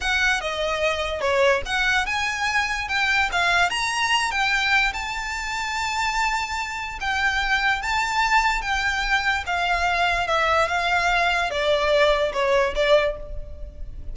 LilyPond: \new Staff \with { instrumentName = "violin" } { \time 4/4 \tempo 4 = 146 fis''4 dis''2 cis''4 | fis''4 gis''2 g''4 | f''4 ais''4. g''4. | a''1~ |
a''4 g''2 a''4~ | a''4 g''2 f''4~ | f''4 e''4 f''2 | d''2 cis''4 d''4 | }